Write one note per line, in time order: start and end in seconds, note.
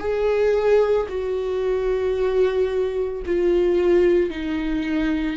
0.00 1.07 G#4
1.09 3.23 F#4
3.26 4.30 F4
4.30 5.37 D#4